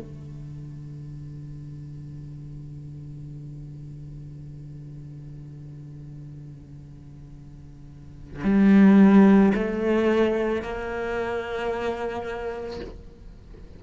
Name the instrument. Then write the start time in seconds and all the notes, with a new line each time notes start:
cello
0.00 D3
8.44 G3
9.55 A3
10.63 A#3